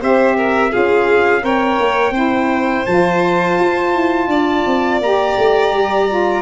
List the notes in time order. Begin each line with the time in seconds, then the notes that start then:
0.00 C4 G4 C5 E5
0.37 A#4
0.70 F4 G#4 F5
0.76 C#4
1.42 C4 A#4 C#5 G5
1.80 A#3
2.11 C4 E4 C5
2.86 F3 F4 A5
3.60 F4
3.95 E4
4.28 D4 D5
4.67 C4
5.01 A#3 G4 A#5
5.38 A3
5.72 G3
6.09 F4